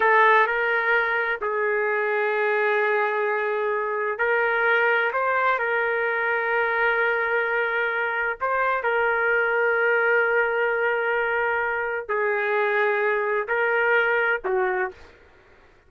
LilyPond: \new Staff \with { instrumentName = "trumpet" } { \time 4/4 \tempo 4 = 129 a'4 ais'2 gis'4~ | gis'1~ | gis'4 ais'2 c''4 | ais'1~ |
ais'2 c''4 ais'4~ | ais'1~ | ais'2 gis'2~ | gis'4 ais'2 fis'4 | }